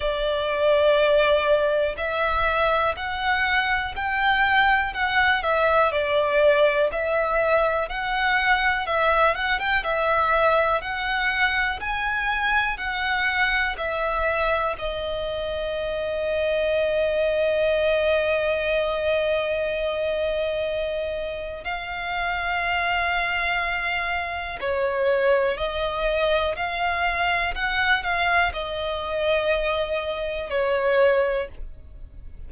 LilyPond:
\new Staff \with { instrumentName = "violin" } { \time 4/4 \tempo 4 = 61 d''2 e''4 fis''4 | g''4 fis''8 e''8 d''4 e''4 | fis''4 e''8 fis''16 g''16 e''4 fis''4 | gis''4 fis''4 e''4 dis''4~ |
dis''1~ | dis''2 f''2~ | f''4 cis''4 dis''4 f''4 | fis''8 f''8 dis''2 cis''4 | }